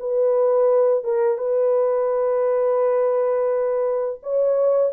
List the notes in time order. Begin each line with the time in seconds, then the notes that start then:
0.00 B4
1.05 A#4
1.38 B4
4.23 C#5